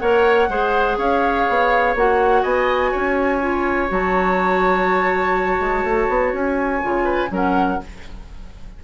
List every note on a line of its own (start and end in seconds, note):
0.00 0.49 A#3
0.00 0.50 A#4
0.00 0.50 C#5
0.00 0.98 F#5
0.49 0.98 G#3
0.49 1.97 G#4
0.49 0.98 C5
0.98 1.47 C#4
0.98 2.43 C#5
0.98 1.96 F5
1.50 1.95 B3
1.95 2.44 A#3
1.95 3.41 F#4
1.95 2.43 F#5
2.43 2.93 B3
2.43 2.92 D#5
2.43 3.90 G#5
2.92 3.91 C#4
2.92 7.05 C#5
3.41 3.89 F4
3.89 5.60 F#3
3.89 6.81 F#4
3.89 6.35 A5
5.60 5.84 G#3
5.84 6.09 A3
6.09 6.33 B3
6.33 6.82 C#4
6.33 7.33 G#5
6.82 7.31 C#3
6.82 7.30 F4
7.05 7.29 B4
7.30 7.80 F#3
7.30 7.79 C#4
7.30 7.83 A#4
7.30 7.84 F#5